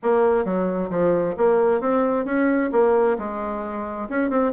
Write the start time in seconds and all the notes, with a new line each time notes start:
0.02 A#3
0.44 F#3
0.90 F3
1.37 A#3
1.80 C4
2.25 C#4
2.72 A#3
3.18 G#3
4.09 C#4
4.29 C4